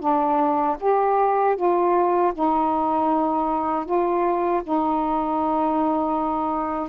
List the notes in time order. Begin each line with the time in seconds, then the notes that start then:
0.00 D4
0.80 G4
1.56 F4
2.34 D#4
3.85 F4
4.63 D#4